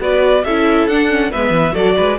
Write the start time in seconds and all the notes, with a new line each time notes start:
0.00 B3 F#4 B4 D5
0.44 C#4 E4 A4 E5
0.87 D4 F#5
1.09 C#4
1.31 G#3 B3 B4 E5
1.50 E3
1.72 F#3 F#4 A4 D5
1.97 G#3 B4